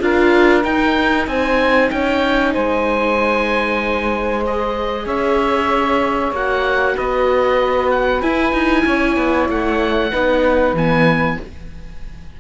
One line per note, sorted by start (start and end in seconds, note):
0.00 0.64 D4
0.00 0.63 F4
0.00 1.29 A#4
0.00 0.64 F5
0.64 4.43 D#4
0.64 1.27 D#4
0.64 1.27 G5
1.27 1.91 C4
1.27 1.91 C5
1.27 1.91 G#5
1.91 2.55 C#4
1.91 2.53 C#5
1.91 2.54 G5
2.53 5.06 G#3
2.53 5.05 C5
2.53 4.44 G#5
4.46 6.35 G#4
4.46 5.07 D#5
5.05 6.32 C#4
5.05 6.95 C#5
5.05 6.34 E5
6.32 6.95 A#3
6.32 8.22 F#4
6.32 6.97 F#5
6.95 8.22 B3
6.95 8.84 B4
6.95 7.91 D#5
7.91 8.22 F#5
8.22 10.12 E4
8.22 8.53 E4
8.22 9.48 G#5
8.53 8.84 D#4
8.86 9.17 C#4
8.86 10.10 C#5
9.17 9.48 B3
9.49 10.12 A3
9.49 10.77 F#5
10.10 10.73 B3
10.10 10.75 D#4
10.10 11.37 B4
10.73 11.36 E3
10.73 11.40 B3
10.73 11.41 G#5